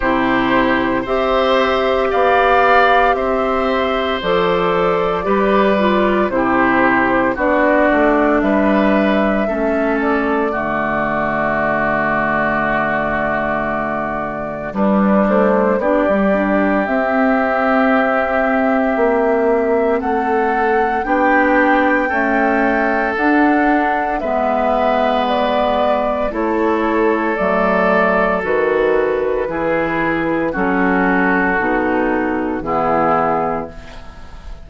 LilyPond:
<<
  \new Staff \with { instrumentName = "flute" } { \time 4/4 \tempo 4 = 57 c''4 e''4 f''4 e''4 | d''2 c''4 d''4 | e''4. d''2~ d''8~ | d''2 b'8 c''8 d''4 |
e''2. fis''4 | g''2 fis''4 e''4 | d''4 cis''4 d''4 b'4~ | b'4 a'2 gis'4 | }
  \new Staff \with { instrumentName = "oboe" } { \time 4/4 g'4 c''4 d''4 c''4~ | c''4 b'4 g'4 fis'4 | b'4 a'4 fis'2~ | fis'2 d'4 g'4~ |
g'2. a'4 | g'4 a'2 b'4~ | b'4 a'2. | gis'4 fis'2 e'4 | }
  \new Staff \with { instrumentName = "clarinet" } { \time 4/4 e'4 g'2. | a'4 g'8 f'8 e'4 d'4~ | d'4 cis'4 a2~ | a2 g4 d'16 g16 d'8 |
c'1 | d'4 a4 d'4 b4~ | b4 e'4 a4 fis'4 | e'4 cis'4 dis'4 b4 | }
  \new Staff \with { instrumentName = "bassoon" } { \time 4/4 c4 c'4 b4 c'4 | f4 g4 c4 b8 a8 | g4 a4 d2~ | d2 g8 a8 b16 g8. |
c'2 ais4 a4 | b4 cis'4 d'4 gis4~ | gis4 a4 fis4 dis4 | e4 fis4 b,4 e4 | }
>>